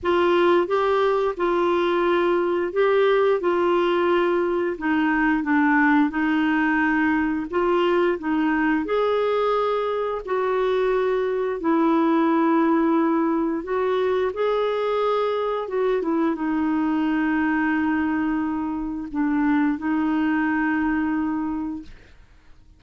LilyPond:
\new Staff \with { instrumentName = "clarinet" } { \time 4/4 \tempo 4 = 88 f'4 g'4 f'2 | g'4 f'2 dis'4 | d'4 dis'2 f'4 | dis'4 gis'2 fis'4~ |
fis'4 e'2. | fis'4 gis'2 fis'8 e'8 | dis'1 | d'4 dis'2. | }